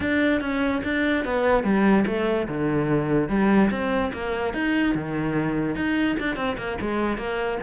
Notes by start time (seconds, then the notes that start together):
0.00 D4
0.41 C#4
0.83 D4
1.24 B3
1.63 G3
2.06 A3
2.48 D3
3.28 G3
3.70 C4
4.13 A#3
4.53 D#4
4.94 D#3
5.75 D#4
6.19 D4
6.35 C4
6.57 A#3
6.81 G#3
7.17 A#3